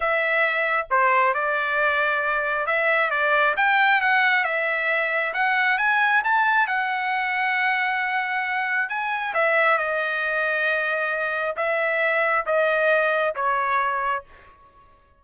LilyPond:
\new Staff \with { instrumentName = "trumpet" } { \time 4/4 \tempo 4 = 135 e''2 c''4 d''4~ | d''2 e''4 d''4 | g''4 fis''4 e''2 | fis''4 gis''4 a''4 fis''4~ |
fis''1 | gis''4 e''4 dis''2~ | dis''2 e''2 | dis''2 cis''2 | }